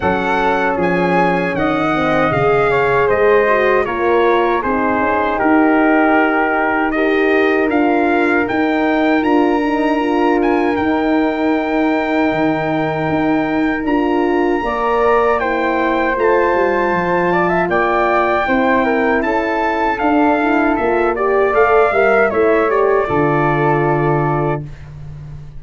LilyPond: <<
  \new Staff \with { instrumentName = "trumpet" } { \time 4/4 \tempo 4 = 78 fis''4 gis''4 fis''4 f''4 | dis''4 cis''4 c''4 ais'4~ | ais'4 dis''4 f''4 g''4 | ais''4. gis''8 g''2~ |
g''2 ais''2 | g''4 a''2 g''4~ | g''4 a''4 f''4 e''8 d''8 | f''4 e''8 d''2~ d''8 | }
  \new Staff \with { instrumentName = "flute" } { \time 4/4 a'4 gis'4 dis''4. cis''8 | c''4 ais'4 gis'4 g'4~ | g'4 ais'2.~ | ais'1~ |
ais'2. d''4 | c''2~ c''8 d''16 e''16 d''4 | c''8 ais'8 a'2~ a'8 d''8~ | d''8 e''8 cis''4 a'2 | }
  \new Staff \with { instrumentName = "horn" } { \time 4/4 cis'2~ cis'8 c'8 gis'4~ | gis'8 fis'8 f'4 dis'2~ | dis'4 g'4 f'4 dis'4 | f'8 dis'8 f'4 dis'2~ |
dis'2 f'4 ais'4 | e'4 f'2. | e'2 d'8 e'8 f'8 g'8 | a'8 ais'8 e'8 g'8 f'2 | }
  \new Staff \with { instrumentName = "tuba" } { \time 4/4 fis4 f4 dis4 cis4 | gis4 ais4 c'8 cis'8 dis'4~ | dis'2 d'4 dis'4 | d'2 dis'2 |
dis4 dis'4 d'4 ais4~ | ais4 a8 g8 f4 ais4 | c'4 cis'4 d'4 ais4 | a8 g8 a4 d2 | }
>>